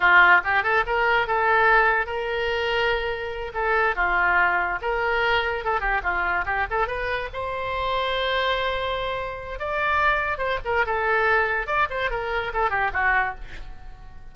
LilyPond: \new Staff \with { instrumentName = "oboe" } { \time 4/4 \tempo 4 = 144 f'4 g'8 a'8 ais'4 a'4~ | a'4 ais'2.~ | ais'8 a'4 f'2 ais'8~ | ais'4. a'8 g'8 f'4 g'8 |
a'8 b'4 c''2~ c''8~ | c''2. d''4~ | d''4 c''8 ais'8 a'2 | d''8 c''8 ais'4 a'8 g'8 fis'4 | }